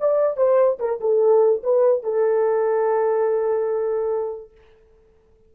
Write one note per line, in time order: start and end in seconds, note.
0.00 0.37 D5
0.37 0.78 C5
0.79 1.00 A#4
1.00 1.62 A4
1.63 2.03 B4
2.03 4.51 A4